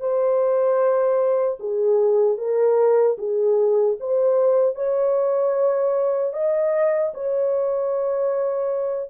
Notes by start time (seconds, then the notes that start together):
0.00 C5
1.60 G#4
2.38 A#4
3.18 G#4
4.00 C5
4.75 C#5
6.33 D#5
7.14 C#5